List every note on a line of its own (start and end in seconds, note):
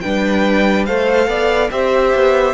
0.00 0.88 G3
0.00 0.87 D4
0.00 0.86 B4
0.00 0.85 G5
0.85 1.27 A3
0.85 1.70 A4
0.85 1.28 C5
0.85 1.70 F5
1.27 1.69 B3
1.27 1.71 D5
1.70 2.13 C4
1.70 2.54 G4
1.70 2.54 C5
1.70 2.54 E5
2.14 2.54 B3